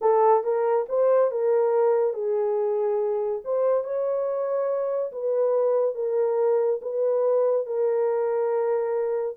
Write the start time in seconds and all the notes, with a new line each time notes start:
0.01 A4
0.43 A#4
0.88 C5
1.31 A#4
2.13 G#4
3.44 C5
3.84 C#5
5.11 B4
5.95 A#4
6.81 B4
7.66 A#4